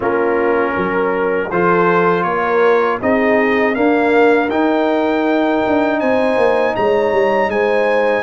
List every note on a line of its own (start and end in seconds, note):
0.00 0.75 A#3
0.00 1.49 C#4
0.00 0.73 F4
0.00 1.51 A#4
0.73 1.51 F#3
0.73 1.48 A#4
1.50 2.24 F3
1.50 3.01 F4
1.50 2.25 A4
1.50 2.23 C5
2.23 2.99 A#3
2.23 3.00 A#4
2.23 2.98 C#5
3.01 3.77 C4
3.01 3.74 D#4
3.01 3.77 G#4
3.01 3.74 D#5
3.74 4.49 A#3
3.74 4.49 D4
3.74 6.00 A#4
3.74 4.49 F5
4.49 5.61 D#4
4.49 8.23 D#4
4.49 6.00 G5
5.66 6.01 D4
6.00 6.36 C4
6.00 6.75 C5
6.00 6.75 G#5
6.36 6.74 A#3
6.75 7.11 G#3
6.75 7.51 C#5
6.75 7.50 A#5
7.11 7.48 G3
7.48 8.23 G#3
7.48 8.23 C5
7.48 8.23 G#5